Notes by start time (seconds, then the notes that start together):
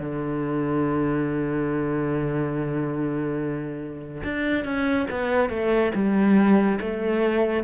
0.00 D3
4.24 D4
4.65 C#4
5.10 B3
5.50 A3
5.95 G3
6.81 A3